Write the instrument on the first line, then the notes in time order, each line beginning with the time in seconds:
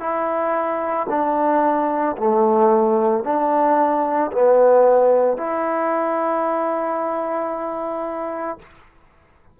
trombone
0.00 E4
1.09 D4
2.17 A3
3.24 D4
4.32 B3
5.38 E4